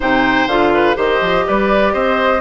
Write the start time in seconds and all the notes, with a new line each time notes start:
0.00 C3 D#4 C5 G5
0.47 D3 F4 F5
0.73 B4
0.95 D#3 G4 C5 D#5
1.21 F3
1.47 G3 B4 D5
1.93 C4 C5 D#5